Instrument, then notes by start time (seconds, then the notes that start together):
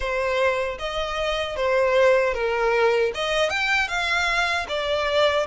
violin
0.00 C5
0.79 D#5
1.56 C5
2.34 A#4
3.14 D#5
3.49 G5
3.87 F5
4.68 D5